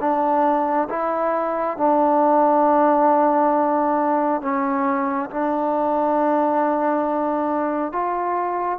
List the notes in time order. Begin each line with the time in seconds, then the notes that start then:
0.00 D4
0.89 E4
1.78 D4
4.42 C#4
5.30 D4
7.92 F4